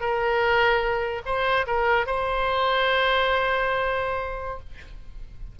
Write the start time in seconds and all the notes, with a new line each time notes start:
0.00 A#4
1.25 C5
1.66 A#4
2.06 C5